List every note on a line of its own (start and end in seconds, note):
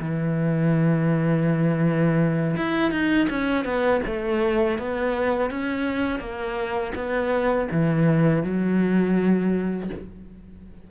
0.00 2.56 E3
2.56 2.91 E4
2.91 3.28 D#4
3.30 3.65 C#4
3.65 4.01 B3
4.06 4.78 A3
4.78 5.50 B3
5.50 6.20 C#4
6.20 6.93 A#3
6.95 7.68 B3
7.71 8.43 E3
8.43 9.90 F#3